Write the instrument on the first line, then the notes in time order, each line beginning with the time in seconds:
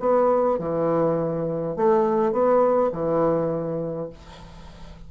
bassoon
0.00 B3
0.59 E3
1.76 A3
2.32 B3
2.93 E3